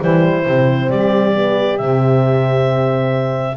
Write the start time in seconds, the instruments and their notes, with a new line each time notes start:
0.00 double bass E3, horn G3, saxophone E4, clarinet C5
0.45 double bass C3, horn C4
0.90 double bass G3, saxophone G4, clarinet D5
1.35 horn B3
1.78 double bass C3, horn C4, clarinet E5